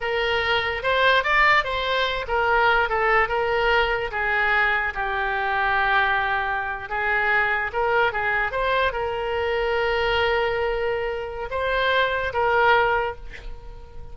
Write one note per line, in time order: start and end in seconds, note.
0.00 0.82 A#4
0.82 1.23 C5
1.23 1.64 D5
1.64 2.25 C5
2.27 2.89 A#4
2.89 3.28 A4
3.28 4.10 A#4
4.11 4.93 G#4
4.94 6.89 G4
6.89 7.71 G#4
7.72 8.12 A#4
8.12 8.51 G#4
8.51 8.92 C5
8.92 11.49 A#4
11.50 12.32 C5
12.33 13.15 A#4